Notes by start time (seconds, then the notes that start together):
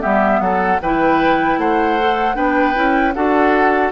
0.00 G3 B3 G4 E5
0.41 F#3 A4 F#5
0.82 E3 E4 B4 G5
1.58 A3 C5 F#5
2.00 A4
2.35 B3 D4 B4 G5
2.75 C#4 E4
3.15 D4 F#4 A4 F#5